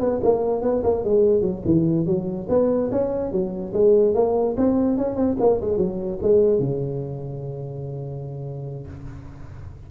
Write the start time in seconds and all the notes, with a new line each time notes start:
0.00 B3
0.24 A#3
0.62 B3
0.84 A#3
1.05 G#3
1.42 F#3
1.65 E3
2.06 F#3
2.50 B3
2.92 C#4
3.32 F#3
3.74 G#3
4.15 A#3
4.57 C4
4.98 C#4
5.16 C4
5.40 A#3
5.61 G#3
5.78 F#3
6.23 G#3
6.60 C#3